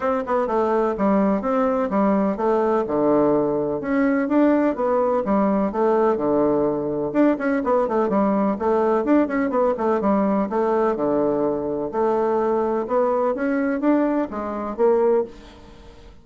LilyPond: \new Staff \with { instrumentName = "bassoon" } { \time 4/4 \tempo 4 = 126 c'8 b8 a4 g4 c'4 | g4 a4 d2 | cis'4 d'4 b4 g4 | a4 d2 d'8 cis'8 |
b8 a8 g4 a4 d'8 cis'8 | b8 a8 g4 a4 d4~ | d4 a2 b4 | cis'4 d'4 gis4 ais4 | }